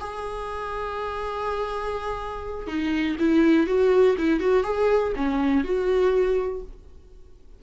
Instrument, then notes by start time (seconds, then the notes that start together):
viola
0.00 G#4
2.67 D#4
3.19 E4
3.67 F#4
4.18 E4
4.40 F#4
4.64 G#4
5.16 C#4
5.64 F#4